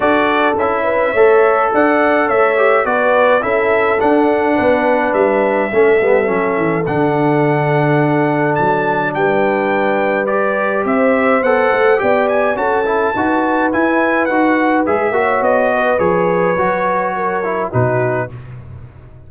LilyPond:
<<
  \new Staff \with { instrumentName = "trumpet" } { \time 4/4 \tempo 4 = 105 d''4 e''2 fis''4 | e''4 d''4 e''4 fis''4~ | fis''4 e''2. | fis''2. a''4 |
g''2 d''4 e''4 | fis''4 g''8 gis''8 a''2 | gis''4 fis''4 e''4 dis''4 | cis''2. b'4 | }
  \new Staff \with { instrumentName = "horn" } { \time 4/4 a'4. b'8 cis''4 d''4 | cis''4 b'4 a'2 | b'2 a'2~ | a'1 |
b'2. c''4~ | c''4 d''4 a'4 b'4~ | b'2~ b'8 cis''4 b'8~ | b'2 ais'4 fis'4 | }
  \new Staff \with { instrumentName = "trombone" } { \time 4/4 fis'4 e'4 a'2~ | a'8 g'8 fis'4 e'4 d'4~ | d'2 cis'8 b8 cis'4 | d'1~ |
d'2 g'2 | a'4 g'4 fis'8 e'8 fis'4 | e'4 fis'4 gis'8 fis'4. | gis'4 fis'4. e'8 dis'4 | }
  \new Staff \with { instrumentName = "tuba" } { \time 4/4 d'4 cis'4 a4 d'4 | a4 b4 cis'4 d'4 | b4 g4 a8 g8 fis8 e8 | d2. fis4 |
g2. c'4 | b8 a8 b4 cis'4 dis'4 | e'4 dis'4 gis8 ais8 b4 | f4 fis2 b,4 | }
>>